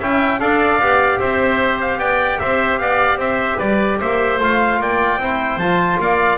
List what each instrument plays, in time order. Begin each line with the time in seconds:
0.00 double bass C#4, trombone E4, oboe E5, trumpet G5
0.40 double bass D4, trombone A4, oboe D5, trumpet F5
0.81 double bass B3, trombone G4
1.20 double bass C4, oboe C5, trumpet E5
1.81 trumpet F5
1.99 double bass B3, oboe D5, trumpet G5
2.40 double bass C4, oboe C5, trumpet E5
2.79 double bass B3, oboe D5, trumpet F5
3.17 double bass C4, oboe C5, trumpet E5
3.58 double bass G3, oboe B4, trumpet D5
4.01 double bass A#3, oboe C5, trumpet E5
4.40 double bass A3, trombone F4, trumpet F5
4.80 double bass A#3, oboe D5, trumpet G5
5.18 double bass C4, trombone E4, oboe C5
5.58 double bass F3, trombone F4, trumpet A5
6.00 double bass A#3, oboe D5, trumpet F5